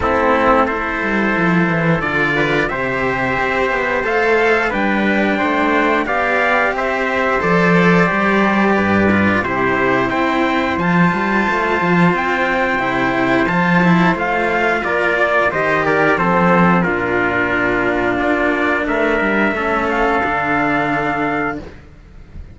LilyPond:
<<
  \new Staff \with { instrumentName = "trumpet" } { \time 4/4 \tempo 4 = 89 a'4 c''2 d''4 | e''2 f''4 g''4~ | g''4 f''4 e''4 d''4~ | d''2 c''4 g''4 |
a''2 g''2 | a''4 f''4 d''4 dis''8 d''8 | c''4 ais'2 d''4 | e''4. f''2~ f''8 | }
  \new Staff \with { instrumentName = "trumpet" } { \time 4/4 e'4 a'2~ a'8 b'8 | c''2. b'4 | c''4 d''4 c''2~ | c''4 b'4 g'4 c''4~ |
c''1~ | c''2 ais'8 d''8 c''8 ais'8 | a'4 f'2. | ais'4 a'2. | }
  \new Staff \with { instrumentName = "cello" } { \time 4/4 c'4 e'2 f'4 | g'2 a'4 d'4~ | d'4 g'2 a'4 | g'4. f'8 e'2 |
f'2. e'4 | f'8 e'8 f'2 g'4 | c'4 d'2.~ | d'4 cis'4 d'2 | }
  \new Staff \with { instrumentName = "cello" } { \time 4/4 a4. g8 f8 e8 d4 | c4 c'8 b8 a4 g4 | a4 b4 c'4 f4 | g4 g,4 c4 c'4 |
f8 g8 a8 f8 c'4 c4 | f4 a4 ais4 dis4 | f4 ais,2 ais4 | a8 g8 a4 d2 | }
>>